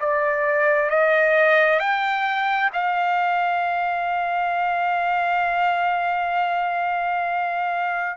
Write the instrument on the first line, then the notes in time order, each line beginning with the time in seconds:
trumpet
0.00 D5
0.90 D#5
1.79 G5
2.73 F5